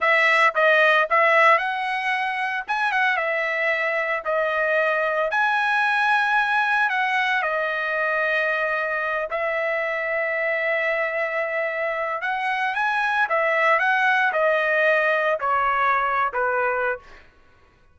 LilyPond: \new Staff \with { instrumentName = "trumpet" } { \time 4/4 \tempo 4 = 113 e''4 dis''4 e''4 fis''4~ | fis''4 gis''8 fis''8 e''2 | dis''2 gis''2~ | gis''4 fis''4 dis''2~ |
dis''4. e''2~ e''8~ | e''2. fis''4 | gis''4 e''4 fis''4 dis''4~ | dis''4 cis''4.~ cis''16 b'4~ b'16 | }